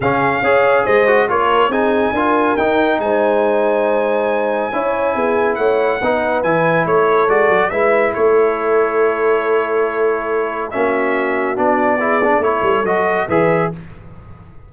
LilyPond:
<<
  \new Staff \with { instrumentName = "trumpet" } { \time 4/4 \tempo 4 = 140 f''2 dis''4 cis''4 | gis''2 g''4 gis''4~ | gis''1~ | gis''4 fis''2 gis''4 |
cis''4 d''4 e''4 cis''4~ | cis''1~ | cis''4 e''2 d''4~ | d''4 cis''4 dis''4 e''4 | }
  \new Staff \with { instrumentName = "horn" } { \time 4/4 gis'4 cis''4 c''4 ais'4 | gis'4 ais'2 c''4~ | c''2. cis''4 | gis'4 cis''4 b'2 |
a'2 b'4 a'4~ | a'1~ | a'4 fis'2. | gis'4 a'2 b'4 | }
  \new Staff \with { instrumentName = "trombone" } { \time 4/4 cis'4 gis'4. fis'8 f'4 | dis'4 f'4 dis'2~ | dis'2. e'4~ | e'2 dis'4 e'4~ |
e'4 fis'4 e'2~ | e'1~ | e'4 cis'2 d'4 | e'8 d'8 e'4 fis'4 gis'4 | }
  \new Staff \with { instrumentName = "tuba" } { \time 4/4 cis4 cis'4 gis4 ais4 | c'4 d'4 dis'4 gis4~ | gis2. cis'4 | b4 a4 b4 e4 |
a4 gis8 fis8 gis4 a4~ | a1~ | a4 ais2 b4~ | b4 a8 g8 fis4 e4 | }
>>